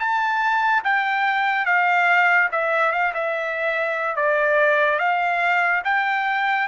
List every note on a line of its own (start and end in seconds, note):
0.00 0.83 A5
0.84 1.66 G5
1.66 2.49 F5
2.52 2.92 E5
2.92 3.13 F5
3.14 4.16 E5
4.16 4.99 D5
4.99 5.82 F5
5.84 6.68 G5